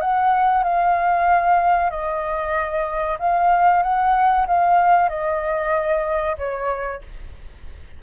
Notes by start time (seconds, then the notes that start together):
0.00 F#5
0.63 F5
1.90 D#5
3.19 F5
3.82 F#5
4.47 F5
5.09 D#5
6.37 C#5